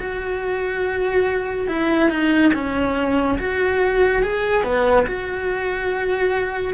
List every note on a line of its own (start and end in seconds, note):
0.00 1.68 F#4
1.68 2.10 E4
2.10 2.52 D#4
2.54 3.39 C#4
3.39 4.23 F#4
4.23 4.64 G#4
4.64 5.06 B3
5.07 6.74 F#4